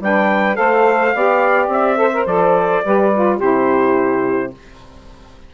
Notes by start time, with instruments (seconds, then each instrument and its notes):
0.00 bassoon G3, saxophone D4 B4, trumpet G5
0.54 bassoon A3, saxophone A4 C5, trumpet F5
1.14 bassoon B3, saxophone G4 D5
1.67 bassoon C4, trumpet E5
1.96 saxophone A4 C5
2.13 saxophone A#4
2.26 bassoon F3, saxophone A4, trumpet D5
2.84 bassoon G3, saxophone G4 B4
3.14 saxophone F4
3.36 bassoon C3, saxophone E4 G4, trumpet C5